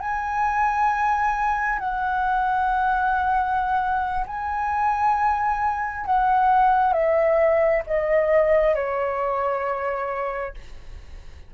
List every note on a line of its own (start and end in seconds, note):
0.00 1.79 G#5
1.80 4.26 F#5
4.27 6.06 G#5
6.06 6.94 F#5
6.94 7.83 E5
7.87 8.76 D#5
8.76 10.55 C#5